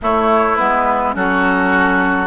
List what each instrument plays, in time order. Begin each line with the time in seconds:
0.01 clarinet A3, bassoon A3, oboe E4, flute C#5
0.55 bassoon G#3, clarinet B3, flute B4
1.13 bassoon F#3, clarinet C#4, oboe F#4, flute A4